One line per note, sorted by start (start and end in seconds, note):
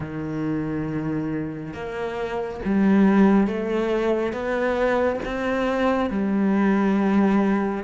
0.00 1.73 D#3
1.73 2.60 A#3
2.64 3.47 G3
3.47 4.32 A3
4.32 5.19 B3
5.25 6.10 C4
6.10 7.83 G3